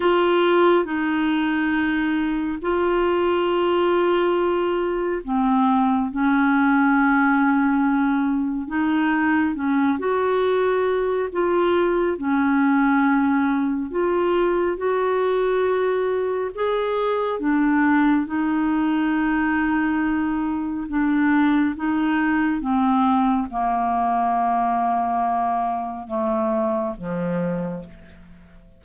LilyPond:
\new Staff \with { instrumentName = "clarinet" } { \time 4/4 \tempo 4 = 69 f'4 dis'2 f'4~ | f'2 c'4 cis'4~ | cis'2 dis'4 cis'8 fis'8~ | fis'4 f'4 cis'2 |
f'4 fis'2 gis'4 | d'4 dis'2. | d'4 dis'4 c'4 ais4~ | ais2 a4 f4 | }